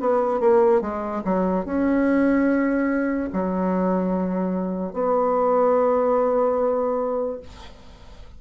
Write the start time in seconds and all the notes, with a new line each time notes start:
0.00 B3
0.40 A#3
0.81 G#3
1.24 F#3
1.65 C#4
3.33 F#3
4.93 B3